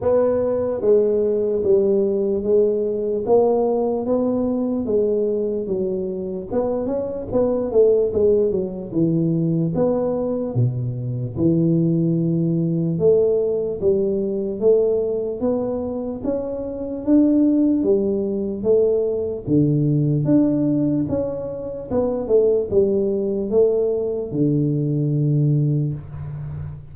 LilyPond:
\new Staff \with { instrumentName = "tuba" } { \time 4/4 \tempo 4 = 74 b4 gis4 g4 gis4 | ais4 b4 gis4 fis4 | b8 cis'8 b8 a8 gis8 fis8 e4 | b4 b,4 e2 |
a4 g4 a4 b4 | cis'4 d'4 g4 a4 | d4 d'4 cis'4 b8 a8 | g4 a4 d2 | }